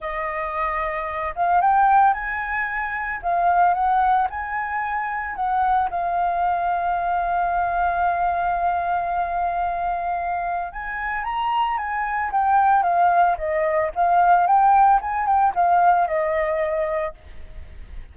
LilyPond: \new Staff \with { instrumentName = "flute" } { \time 4/4 \tempo 4 = 112 dis''2~ dis''8 f''8 g''4 | gis''2 f''4 fis''4 | gis''2 fis''4 f''4~ | f''1~ |
f''1 | gis''4 ais''4 gis''4 g''4 | f''4 dis''4 f''4 g''4 | gis''8 g''8 f''4 dis''2 | }